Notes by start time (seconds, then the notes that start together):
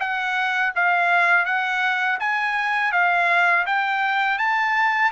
0.00 F#5
0.75 F5
1.45 F#5
2.20 G#5
2.92 F5
3.66 G5
4.38 A5